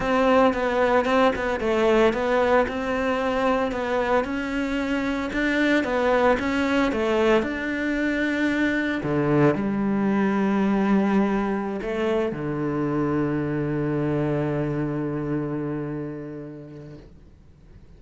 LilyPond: \new Staff \with { instrumentName = "cello" } { \time 4/4 \tempo 4 = 113 c'4 b4 c'8 b8 a4 | b4 c'2 b4 | cis'2 d'4 b4 | cis'4 a4 d'2~ |
d'4 d4 g2~ | g2~ g16 a4 d8.~ | d1~ | d1 | }